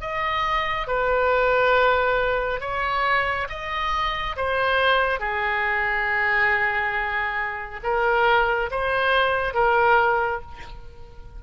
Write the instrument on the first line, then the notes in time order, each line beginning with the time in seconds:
oboe
0.00 D#5
0.87 B4
2.60 C#5
3.49 D#5
4.36 C5
5.19 G#4
7.83 A#4
8.71 C5
9.54 A#4